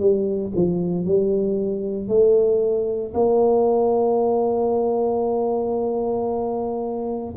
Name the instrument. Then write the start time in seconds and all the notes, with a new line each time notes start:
tuba
0.00 G3
0.56 F3
1.05 G3
2.08 A3
3.14 A#3